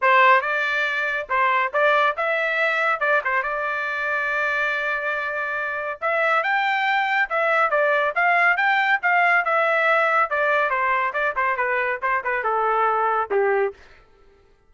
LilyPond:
\new Staff \with { instrumentName = "trumpet" } { \time 4/4 \tempo 4 = 140 c''4 d''2 c''4 | d''4 e''2 d''8 c''8 | d''1~ | d''2 e''4 g''4~ |
g''4 e''4 d''4 f''4 | g''4 f''4 e''2 | d''4 c''4 d''8 c''8 b'4 | c''8 b'8 a'2 g'4 | }